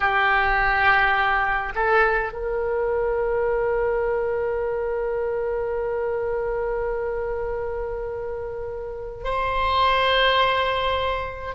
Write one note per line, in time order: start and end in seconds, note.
0.00 1.73 G4
1.75 2.32 A4
2.32 9.24 A#4
9.24 11.54 C5